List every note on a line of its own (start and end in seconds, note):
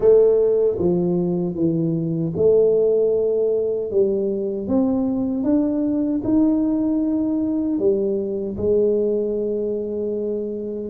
0.00 0.77 A3
0.79 1.54 F3
1.54 2.32 E3
2.36 3.91 A3
3.91 4.67 G3
4.67 5.43 C4
5.43 6.21 D4
6.24 7.79 D#4
7.79 8.56 G3
8.57 10.89 G#3